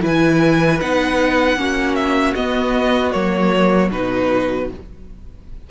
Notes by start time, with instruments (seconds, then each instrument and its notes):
0.00 cello E3, viola E4, violin B4 G#5
0.80 cello B3, viola D#4, violin F#5
1.55 cello A#3, viola C#4, violin F#4
1.95 violin E5
2.35 cello B3, viola B3, violin D#5
3.11 cello F#3, viola A#3, violin C#5
3.91 cello B2, viola D#4, violin B4